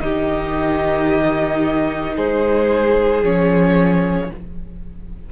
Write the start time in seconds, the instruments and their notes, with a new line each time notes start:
0.00 cello D#3, viola D#4, violin G4 D#5
2.16 cello G#3, violin G#4 C5
3.23 cello F3, viola C#4, violin C#5